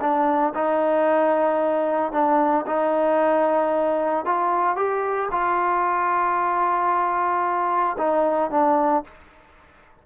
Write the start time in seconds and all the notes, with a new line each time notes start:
0.00 D4
0.54 D#4
2.12 D4
2.66 D#4
4.25 F4
4.76 G4
5.31 F4
7.97 D#4
8.50 D4